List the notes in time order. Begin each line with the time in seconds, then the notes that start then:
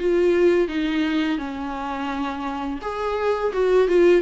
0.00 F4
0.68 D#4
1.39 C#4
2.82 G#4
3.53 F#4
3.89 F4